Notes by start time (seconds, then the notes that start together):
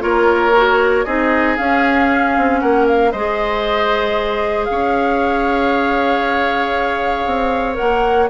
0.00 A#3 F4 A#4 C#5
0.57 F#4
1.05 C4 D#4 G#4 D#5
1.57 C#4 F5
2.37 C4
2.60 A#3 A#4 F#5
2.87 F5
3.12 G#3 G#4 C5 D#5
4.65 C#4 F5
4.71 C#5
7.26 C4
7.74 A#4 F#5
7.80 A#3